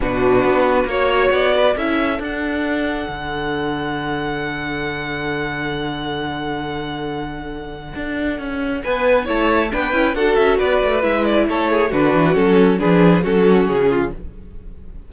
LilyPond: <<
  \new Staff \with { instrumentName = "violin" } { \time 4/4 \tempo 4 = 136 b'2 cis''4 d''4 | e''4 fis''2.~ | fis''1~ | fis''1~ |
fis''1 | gis''4 a''4 g''4 fis''8 e''8 | d''4 e''8 d''8 cis''4 b'4 | a'4 b'4 a'4 gis'4 | }
  \new Staff \with { instrumentName = "violin" } { \time 4/4 fis'2 cis''4. b'8 | a'1~ | a'1~ | a'1~ |
a'1 | b'4 cis''4 b'4 a'4 | b'2 a'8 gis'8 fis'4~ | fis'4 gis'4 fis'4. f'8 | }
  \new Staff \with { instrumentName = "viola" } { \time 4/4 d'2 fis'2 | e'4 d'2.~ | d'1~ | d'1~ |
d'1~ | d'4 e'4 d'8 e'8 fis'4~ | fis'4 e'2 d'4 | cis'4 d'4 cis'2 | }
  \new Staff \with { instrumentName = "cello" } { \time 4/4 b,4 b4 ais4 b4 | cis'4 d'2 d4~ | d1~ | d1~ |
d2 d'4 cis'4 | b4 a4 b8 cis'8 d'8 cis'8 | b8 a8 gis4 a4 d8 e8 | fis4 f4 fis4 cis4 | }
>>